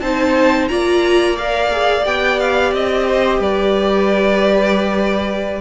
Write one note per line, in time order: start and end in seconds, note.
0.00 0.69 C4
0.00 0.69 D#4
0.00 0.70 C5
0.00 0.68 A5
0.68 2.06 A#3
0.68 1.37 F4
0.68 3.07 D5
0.68 1.36 A#5
1.37 1.71 A#4
1.37 2.06 F5
1.72 2.04 G#4
2.04 2.73 B3
2.04 5.61 G4
2.04 2.40 G5
2.40 2.74 F5
2.73 3.39 C4
2.73 3.42 D#5
3.07 3.40 C5
3.39 5.61 G3
3.39 5.61 B4
3.39 5.61 D5